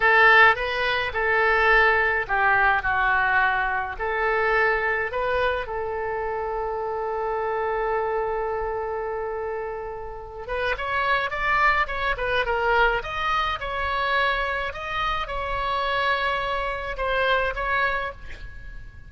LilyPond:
\new Staff \with { instrumentName = "oboe" } { \time 4/4 \tempo 4 = 106 a'4 b'4 a'2 | g'4 fis'2 a'4~ | a'4 b'4 a'2~ | a'1~ |
a'2~ a'8 b'8 cis''4 | d''4 cis''8 b'8 ais'4 dis''4 | cis''2 dis''4 cis''4~ | cis''2 c''4 cis''4 | }